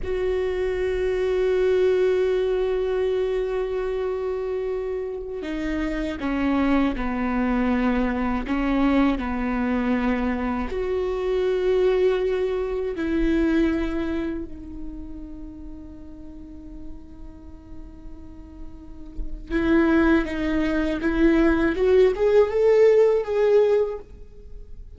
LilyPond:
\new Staff \with { instrumentName = "viola" } { \time 4/4 \tempo 4 = 80 fis'1~ | fis'2.~ fis'16 dis'8.~ | dis'16 cis'4 b2 cis'8.~ | cis'16 b2 fis'4.~ fis'16~ |
fis'4~ fis'16 e'2 dis'8.~ | dis'1~ | dis'2 e'4 dis'4 | e'4 fis'8 gis'8 a'4 gis'4 | }